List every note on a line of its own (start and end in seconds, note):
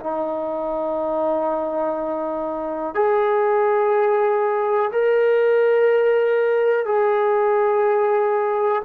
0.00 2.94 D#4
2.94 4.91 G#4
4.92 6.85 A#4
6.85 8.82 G#4